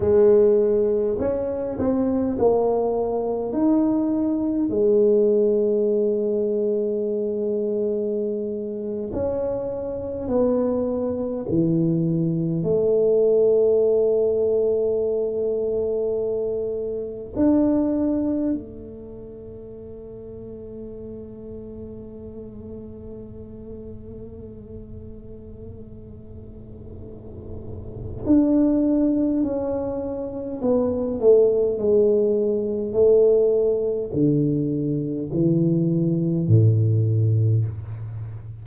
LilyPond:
\new Staff \with { instrumentName = "tuba" } { \time 4/4 \tempo 4 = 51 gis4 cis'8 c'8 ais4 dis'4 | gis2.~ gis8. cis'16~ | cis'8. b4 e4 a4~ a16~ | a2~ a8. d'4 a16~ |
a1~ | a1 | d'4 cis'4 b8 a8 gis4 | a4 d4 e4 a,4 | }